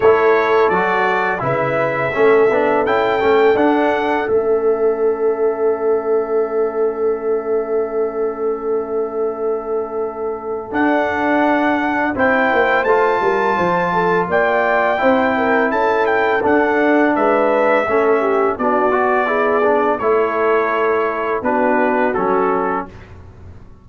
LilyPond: <<
  \new Staff \with { instrumentName = "trumpet" } { \time 4/4 \tempo 4 = 84 cis''4 d''4 e''2 | g''4 fis''4 e''2~ | e''1~ | e''2. fis''4~ |
fis''4 g''4 a''2 | g''2 a''8 g''8 fis''4 | e''2 d''2 | cis''2 b'4 a'4 | }
  \new Staff \with { instrumentName = "horn" } { \time 4/4 a'2 b'4 a'4~ | a'1~ | a'1~ | a'1~ |
a'4 c''4. ais'8 c''8 a'8 | d''4 c''8 ais'8 a'2 | b'4 a'8 g'8 fis'4 gis'4 | a'2 fis'2 | }
  \new Staff \with { instrumentName = "trombone" } { \time 4/4 e'4 fis'4 e'4 cis'8 d'8 | e'8 cis'8 d'4 cis'2~ | cis'1~ | cis'2. d'4~ |
d'4 e'4 f'2~ | f'4 e'2 d'4~ | d'4 cis'4 d'8 fis'8 e'8 d'8 | e'2 d'4 cis'4 | }
  \new Staff \with { instrumentName = "tuba" } { \time 4/4 a4 fis4 cis4 a8 b8 | cis'8 a8 d'4 a2~ | a1~ | a2. d'4~ |
d'4 c'8 ais8 a8 g8 f4 | ais4 c'4 cis'4 d'4 | gis4 a4 b2 | a2 b4 fis4 | }
>>